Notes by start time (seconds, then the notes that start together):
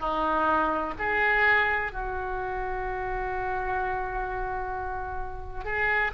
0.00 D#4
0.98 G#4
1.92 F#4
5.65 G#4